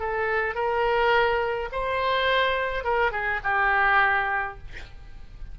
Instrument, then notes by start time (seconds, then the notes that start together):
oboe
0.00 A4
0.55 A#4
1.72 C5
2.84 A#4
3.12 G#4
3.44 G4